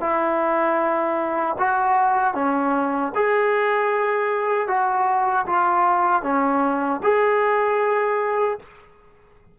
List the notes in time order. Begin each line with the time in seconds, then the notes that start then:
0.00 E4
1.59 F#4
2.34 C#4
3.15 G#4
4.68 F#4
5.46 F4
6.23 C#4
7.03 G#4